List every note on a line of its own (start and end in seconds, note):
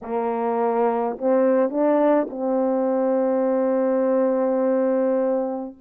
0.02 1.17 A#3
1.18 1.69 C4
1.69 2.27 D4
2.29 5.76 C4